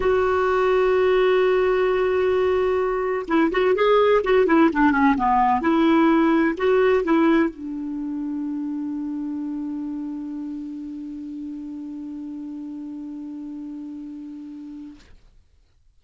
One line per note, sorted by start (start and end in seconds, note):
0.00 3.25 F#4
3.27 3.51 E4
3.51 3.75 F#4
3.75 4.22 G#4
4.24 4.46 F#4
4.46 4.69 E4
4.72 4.91 D4
4.91 5.15 C#4
5.17 5.61 B3
5.61 6.55 E4
6.57 7.04 F#4
7.04 7.49 E4
7.49 14.99 D4